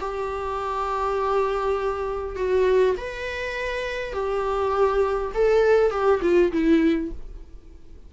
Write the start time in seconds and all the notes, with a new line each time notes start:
0.00 G4
2.36 F#4
2.97 B4
4.13 G4
5.34 A4
5.91 G4
6.22 F4
6.52 E4